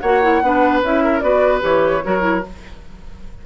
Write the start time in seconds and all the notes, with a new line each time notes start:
0.00 A#3 F#4 C#5 F#5
0.22 E4
0.42 B3 D4 B4
0.82 C#4 E4 E5
1.04 A#4
1.20 B3 F#4 B4 D5
1.61 E3 G4 C#5
2.04 F#3 F#4 A#4
2.20 E4